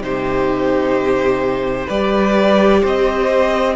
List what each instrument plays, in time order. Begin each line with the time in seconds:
0.00 cello C3, viola D#4, violin G4 C5
1.87 cello G3, viola G4, violin B4 D5
2.81 cello C4, violin C5 D#5